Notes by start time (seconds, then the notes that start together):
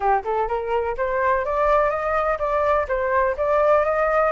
0.00 G4
0.24 A4
0.48 A#4
0.97 C5
1.45 D5
1.90 D#5
2.39 D5
2.88 C5
3.37 D5
3.84 D#5